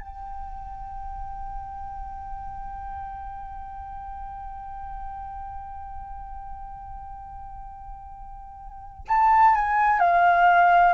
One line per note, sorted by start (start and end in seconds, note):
0.00 9.05 G5
9.08 9.55 A5
9.55 10.00 G#5
10.00 10.94 F5